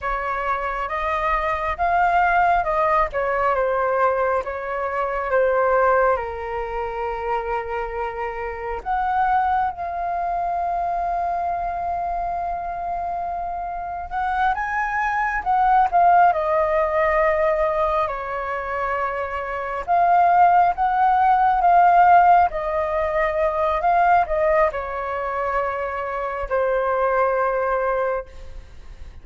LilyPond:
\new Staff \with { instrumentName = "flute" } { \time 4/4 \tempo 4 = 68 cis''4 dis''4 f''4 dis''8 cis''8 | c''4 cis''4 c''4 ais'4~ | ais'2 fis''4 f''4~ | f''1 |
fis''8 gis''4 fis''8 f''8 dis''4.~ | dis''8 cis''2 f''4 fis''8~ | fis''8 f''4 dis''4. f''8 dis''8 | cis''2 c''2 | }